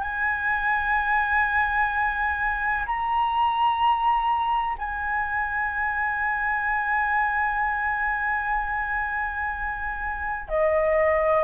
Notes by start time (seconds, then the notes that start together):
0.00 G#5
2.86 A#5
4.78 G#5
10.49 D#5